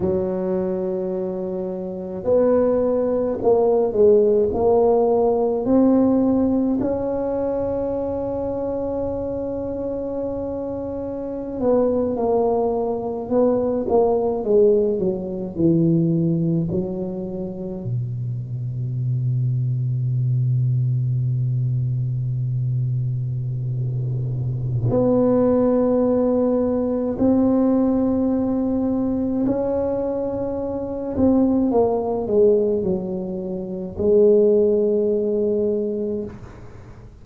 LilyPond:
\new Staff \with { instrumentName = "tuba" } { \time 4/4 \tempo 4 = 53 fis2 b4 ais8 gis8 | ais4 c'4 cis'2~ | cis'2~ cis'16 b8 ais4 b16~ | b16 ais8 gis8 fis8 e4 fis4 b,16~ |
b,1~ | b,2 b2 | c'2 cis'4. c'8 | ais8 gis8 fis4 gis2 | }